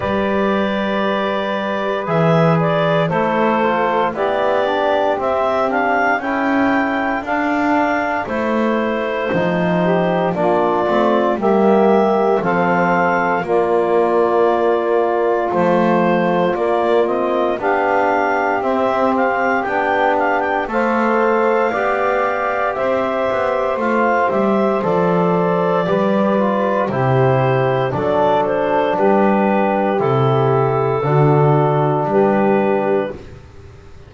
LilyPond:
<<
  \new Staff \with { instrumentName = "clarinet" } { \time 4/4 \tempo 4 = 58 d''2 e''8 d''8 c''4 | d''4 e''8 f''8 g''4 f''4 | c''2 d''4 e''4 | f''4 d''2 c''4 |
d''8 dis''8 f''4 e''8 f''8 g''8 f''16 g''16 | f''2 e''4 f''8 e''8 | d''2 c''4 d''8 c''8 | b'4 a'2 b'4 | }
  \new Staff \with { instrumentName = "saxophone" } { \time 4/4 b'2. a'4 | g'2 a'2~ | a'4. g'8 f'4 g'4 | a'4 f'2.~ |
f'4 g'2. | c''4 d''4 c''2~ | c''4 b'4 g'4 a'4 | g'2 fis'4 g'4 | }
  \new Staff \with { instrumentName = "trombone" } { \time 4/4 g'2 gis'4 e'8 f'8 | e'8 d'8 c'8 d'8 e'4 d'4 | e'4 dis'4 d'8 c'8 ais4 | c'4 ais2 f4 |
ais8 c'8 d'4 c'4 d'4 | a'4 g'2 f'8 g'8 | a'4 g'8 f'8 e'4 d'4~ | d'4 e'4 d'2 | }
  \new Staff \with { instrumentName = "double bass" } { \time 4/4 g2 e4 a4 | b4 c'4 cis'4 d'4 | a4 f4 ais8 a8 g4 | f4 ais2 a4 |
ais4 b4 c'4 b4 | a4 b4 c'8 b8 a8 g8 | f4 g4 c4 fis4 | g4 c4 d4 g4 | }
>>